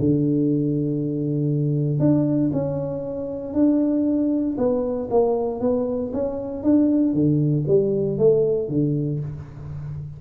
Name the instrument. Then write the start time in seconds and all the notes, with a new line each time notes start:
tuba
0.00 D3
2.00 D4
2.53 C#4
3.54 D4
4.58 B3
5.11 A#3
5.61 B3
6.14 C#4
6.64 D4
7.14 D3
7.68 G3
8.18 A3
8.69 D3